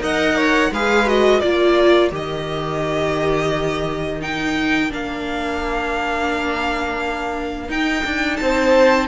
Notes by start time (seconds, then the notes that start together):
0.00 D#4 A#4 D#5 F#5
0.36 C#5
0.71 G#3 G#4 B4 F5
1.06 F#4 D#5
1.40 A#3 F4 A#4 D5
2.10 D#3 G4 D#5
4.21 D#4 G5
4.90 A#3 D4 F5
7.68 D#4 G5
8.05 D4
8.36 C4 C5 A5